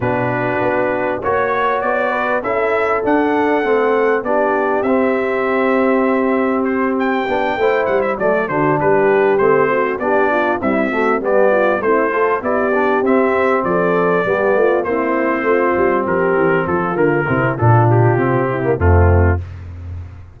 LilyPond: <<
  \new Staff \with { instrumentName = "trumpet" } { \time 4/4 \tempo 4 = 99 b'2 cis''4 d''4 | e''4 fis''2 d''4 | e''2. c''8 g''8~ | g''4 fis''16 e''16 d''8 c''8 b'4 c''8~ |
c''8 d''4 e''4 d''4 c''8~ | c''8 d''4 e''4 d''4.~ | d''8 c''2 ais'4 a'8 | ais'4 a'8 g'4. f'4 | }
  \new Staff \with { instrumentName = "horn" } { \time 4/4 fis'2 cis''4. b'8 | a'2. g'4~ | g'1~ | g'8 c''4 d''8 fis'8 g'4. |
fis'8 g'8 f'8 e'8 fis'8 g'8 f'8 e'8 | a'8 g'2 a'4 g'8 | f'8 e'4 f'4 g'4 f'8~ | f'8 e'8 f'4. e'8 c'4 | }
  \new Staff \with { instrumentName = "trombone" } { \time 4/4 d'2 fis'2 | e'4 d'4 c'4 d'4 | c'1 | d'8 e'4 a8 d'4. c'8~ |
c'8 d'4 g8 a8 b4 c'8 | f'8 e'8 d'8 c'2 b8~ | b8 c'2.~ c'8 | ais8 c'8 d'4 c'8. ais16 a4 | }
  \new Staff \with { instrumentName = "tuba" } { \time 4/4 b,4 b4 ais4 b4 | cis'4 d'4 a4 b4 | c'1 | b8 a8 g8 fis8 d8 g4 a8~ |
a8 b4 c'4 g4 a8~ | a8 b4 c'4 f4 g8 | a8 ais4 a8 g8 f8 e8 f8 | d8 c8 ais,4 c4 f,4 | }
>>